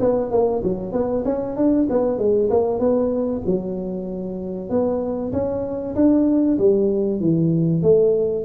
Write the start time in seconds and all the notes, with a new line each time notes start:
0.00 B3
0.31 A#3
0.63 F#3
0.93 B3
1.25 C#4
1.56 D4
1.89 B3
2.18 G#3
2.50 A#3
2.79 B3
3.46 F#3
4.69 B3
5.32 C#4
5.95 D4
6.58 G3
7.20 E3
7.82 A3